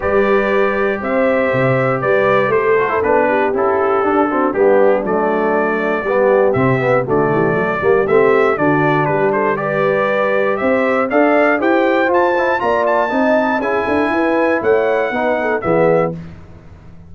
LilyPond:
<<
  \new Staff \with { instrumentName = "trumpet" } { \time 4/4 \tempo 4 = 119 d''2 e''2 | d''4 c''4 b'4 a'4~ | a'4 g'4 d''2~ | d''4 e''4 d''2 |
e''4 d''4 b'8 c''8 d''4~ | d''4 e''4 f''4 g''4 | a''4 ais''8 a''4. gis''4~ | gis''4 fis''2 e''4 | }
  \new Staff \with { instrumentName = "horn" } { \time 4/4 b'2 c''2 | b'4 a'4. g'4.~ | g'8 fis'8 d'2. | g'2 fis'8 g'8 a'8 g'8~ |
g'4 fis'4 g'8 a'8 b'4~ | b'4 c''4 d''4 c''4~ | c''4 d''4 dis''4 gis'8 a'8 | b'4 cis''4 b'8 a'8 gis'4 | }
  \new Staff \with { instrumentName = "trombone" } { \time 4/4 g'1~ | g'4. fis'16 e'16 d'4 e'4 | d'8 c'8 b4 a2 | b4 c'8 b8 a4. ais8 |
c'4 d'2 g'4~ | g'2 a'4 g'4 | f'8 e'8 f'4 dis'4 e'4~ | e'2 dis'4 b4 | }
  \new Staff \with { instrumentName = "tuba" } { \time 4/4 g2 c'4 c4 | g4 a4 b4 cis'4 | d'4 g4 fis2 | g4 c4 d8 e8 fis8 g8 |
a4 d4 g2~ | g4 c'4 d'4 e'4 | f'4 ais4 c'4 cis'8 d'8 | e'4 a4 b4 e4 | }
>>